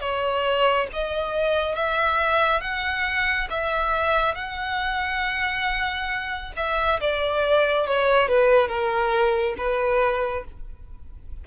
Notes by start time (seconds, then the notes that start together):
0.00 C#5
0.92 D#5
1.75 E5
2.60 F#5
3.49 E5
4.34 F#5
6.56 E5
7.00 D5
7.86 C#5
8.28 B4
8.68 A#4
9.57 B4